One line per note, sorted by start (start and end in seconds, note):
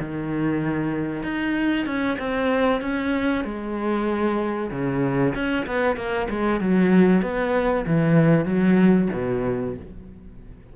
0.00 1.23 D#3
1.23 1.86 D#4
1.86 2.18 C#4
2.19 2.82 C4
2.82 3.44 C#4
3.44 4.71 G#3
4.71 5.34 C#3
5.35 5.66 C#4
5.67 5.97 B3
5.97 6.28 A#3
6.30 6.61 G#3
6.61 7.23 F#3
7.23 7.86 B3
7.87 8.46 E3
8.46 9.09 F#3
9.13 9.76 B2